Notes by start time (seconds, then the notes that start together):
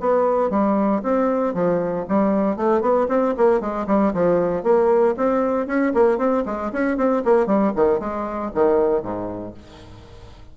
0.00 B3
0.50 G3
1.03 C4
1.54 F3
2.09 G3
2.57 A3
2.81 B3
3.09 C4
3.37 A#3
3.61 G#3
3.87 G3
4.14 F3
4.63 A#3
5.17 C4
5.67 C#4
5.94 A#3
6.18 C4
6.46 G#3
6.73 C#4
6.97 C4
7.25 A#3
7.47 G3
7.76 D#3
8.00 G#3
8.54 D#3
9.03 G#2